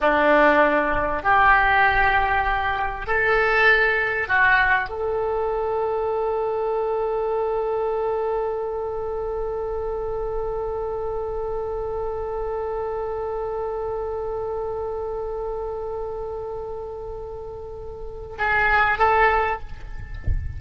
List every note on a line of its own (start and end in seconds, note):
0.01 1.22 D4
1.22 3.06 G4
3.06 4.27 A4
4.27 4.89 F#4
4.89 18.36 A4
18.38 18.98 G#4
18.98 19.59 A4